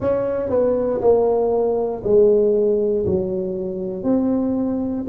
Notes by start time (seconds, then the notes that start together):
0.00 C#4
0.49 B3
1.01 A#3
2.03 G#3
3.06 F#3
4.03 C4